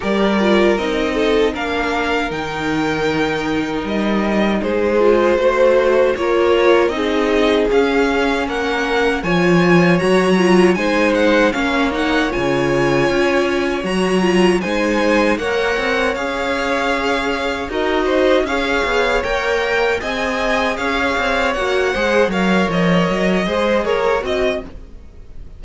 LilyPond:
<<
  \new Staff \with { instrumentName = "violin" } { \time 4/4 \tempo 4 = 78 d''4 dis''4 f''4 g''4~ | g''4 dis''4 c''2 | cis''4 dis''4 f''4 fis''4 | gis''4 ais''4 gis''8 fis''8 f''8 fis''8 |
gis''2 ais''4 gis''4 | fis''4 f''2 dis''4 | f''4 g''4 gis''4 f''4 | fis''4 f''8 dis''4. cis''8 dis''8 | }
  \new Staff \with { instrumentName = "violin" } { \time 4/4 ais'4. a'8 ais'2~ | ais'2 gis'4 c''4 | ais'4 gis'2 ais'4 | cis''2 c''4 cis''4~ |
cis''2. c''4 | cis''2. ais'8 c''8 | cis''2 dis''4 cis''4~ | cis''8 c''8 cis''4. c''8 ais'8 dis''8 | }
  \new Staff \with { instrumentName = "viola" } { \time 4/4 g'8 f'8 dis'4 d'4 dis'4~ | dis'2~ dis'8 f'8 fis'4 | f'4 dis'4 cis'2 | f'4 fis'8 f'8 dis'4 cis'8 dis'8 |
f'2 fis'8 f'8 dis'4 | ais'4 gis'2 fis'4 | gis'4 ais'4 gis'2 | fis'8 gis'8 ais'4. gis'4 fis'8 | }
  \new Staff \with { instrumentName = "cello" } { \time 4/4 g4 c'4 ais4 dis4~ | dis4 g4 gis4 a4 | ais4 c'4 cis'4 ais4 | f4 fis4 gis4 ais4 |
cis4 cis'4 fis4 gis4 | ais8 c'8 cis'2 dis'4 | cis'8 b8 ais4 c'4 cis'8 c'8 | ais8 gis8 fis8 f8 fis8 gis8 ais8 c'8 | }
>>